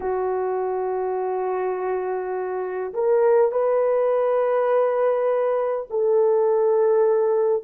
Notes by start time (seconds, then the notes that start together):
0.00 F#4
2.94 A#4
3.51 B4
5.90 A4